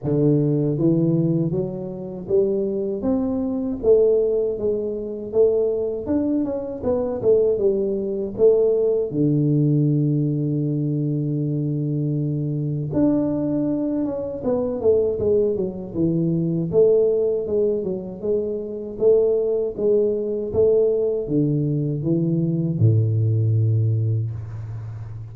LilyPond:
\new Staff \with { instrumentName = "tuba" } { \time 4/4 \tempo 4 = 79 d4 e4 fis4 g4 | c'4 a4 gis4 a4 | d'8 cis'8 b8 a8 g4 a4 | d1~ |
d4 d'4. cis'8 b8 a8 | gis8 fis8 e4 a4 gis8 fis8 | gis4 a4 gis4 a4 | d4 e4 a,2 | }